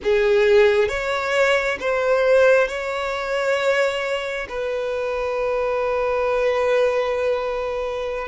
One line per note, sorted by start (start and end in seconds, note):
0.03 0.88 G#4
0.88 1.77 C#5
1.80 2.67 C5
2.67 4.47 C#5
4.49 8.28 B4